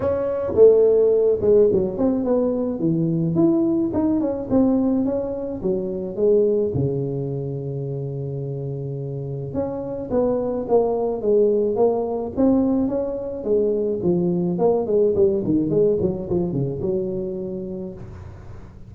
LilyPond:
\new Staff \with { instrumentName = "tuba" } { \time 4/4 \tempo 4 = 107 cis'4 a4. gis8 fis8 c'8 | b4 e4 e'4 dis'8 cis'8 | c'4 cis'4 fis4 gis4 | cis1~ |
cis4 cis'4 b4 ais4 | gis4 ais4 c'4 cis'4 | gis4 f4 ais8 gis8 g8 dis8 | gis8 fis8 f8 cis8 fis2 | }